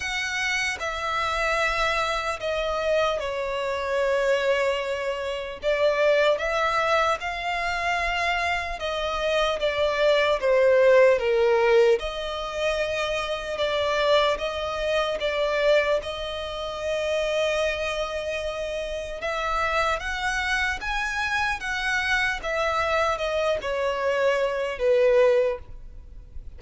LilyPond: \new Staff \with { instrumentName = "violin" } { \time 4/4 \tempo 4 = 75 fis''4 e''2 dis''4 | cis''2. d''4 | e''4 f''2 dis''4 | d''4 c''4 ais'4 dis''4~ |
dis''4 d''4 dis''4 d''4 | dis''1 | e''4 fis''4 gis''4 fis''4 | e''4 dis''8 cis''4. b'4 | }